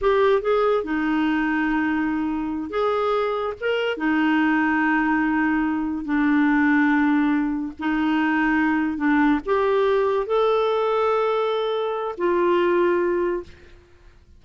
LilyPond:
\new Staff \with { instrumentName = "clarinet" } { \time 4/4 \tempo 4 = 143 g'4 gis'4 dis'2~ | dis'2~ dis'8 gis'4.~ | gis'8 ais'4 dis'2~ dis'8~ | dis'2~ dis'8 d'4.~ |
d'2~ d'8 dis'4.~ | dis'4. d'4 g'4.~ | g'8 a'2.~ a'8~ | a'4 f'2. | }